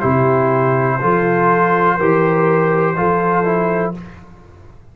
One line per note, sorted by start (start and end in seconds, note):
0.00 1.01 C3
0.00 0.99 E4
0.00 0.98 G4
0.00 3.93 C5
1.00 1.99 F3
1.00 1.99 F4
1.00 1.97 A4
1.97 2.97 E3
1.97 2.96 G4
1.97 2.95 A#4
2.96 3.95 F3
2.96 3.44 F4
2.96 3.96 A4
3.44 3.93 E4